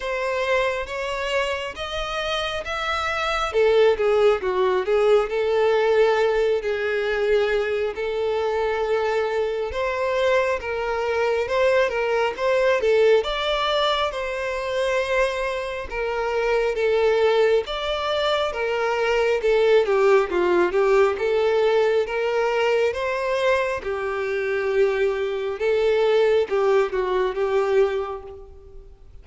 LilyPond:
\new Staff \with { instrumentName = "violin" } { \time 4/4 \tempo 4 = 68 c''4 cis''4 dis''4 e''4 | a'8 gis'8 fis'8 gis'8 a'4. gis'8~ | gis'4 a'2 c''4 | ais'4 c''8 ais'8 c''8 a'8 d''4 |
c''2 ais'4 a'4 | d''4 ais'4 a'8 g'8 f'8 g'8 | a'4 ais'4 c''4 g'4~ | g'4 a'4 g'8 fis'8 g'4 | }